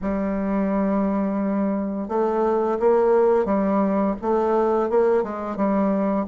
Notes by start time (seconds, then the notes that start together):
0.01 G3
2.08 A3
2.79 A#3
3.45 G3
4.21 A3
4.89 A#3
5.23 G#3
5.56 G3